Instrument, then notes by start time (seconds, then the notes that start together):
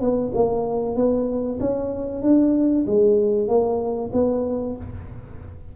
tuba
0.00 B3
0.34 A#3
0.95 B3
1.60 C#4
2.22 D4
2.86 G#3
3.47 A#3
4.13 B3